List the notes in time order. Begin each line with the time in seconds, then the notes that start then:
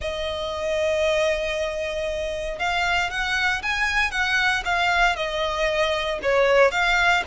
0.01 D#5
2.58 F5
3.10 F#5
3.62 G#5
4.11 F#5
4.64 F5
5.15 D#5
6.22 C#5
6.71 F5